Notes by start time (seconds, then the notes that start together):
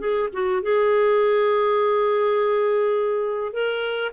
0.00 G#4
0.33 F#4
0.63 G#4
3.53 A#4